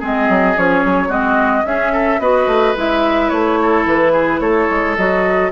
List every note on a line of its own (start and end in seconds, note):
0.00 0.29 G#3
0.00 0.56 C4
0.00 1.08 G#4
0.00 0.58 D#5
0.29 0.56 F#3
0.56 0.85 F3
0.56 1.09 C#4
0.56 1.11 C#5
0.85 1.09 F#3
1.08 1.64 G#3
1.08 1.64 C4
1.08 1.63 F#4
1.08 1.65 D#5
1.65 2.19 C#4
1.65 2.21 C#4
1.65 1.92 G#4
1.65 2.20 E5
1.92 2.20 A4
2.19 2.47 B3
2.19 2.76 F#4
2.19 3.59 B4
2.19 2.75 D#5
2.47 2.74 A3
2.76 3.31 G#3
2.76 4.97 E4
2.76 3.29 E5
3.29 3.86 A3
3.29 3.84 C#5
3.62 4.12 A4
3.86 4.40 E3
3.86 4.40 B4
4.12 4.40 G#4
4.40 4.68 A3
4.40 5.51 A4
4.40 4.95 C#5
4.70 4.97 G#3
4.96 5.51 F#3
4.96 5.51 F#4
4.96 5.51 D#5